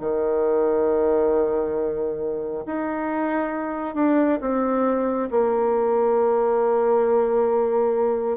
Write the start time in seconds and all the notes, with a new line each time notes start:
0.00 D#3
2.66 D#4
3.95 D4
4.41 C4
5.31 A#3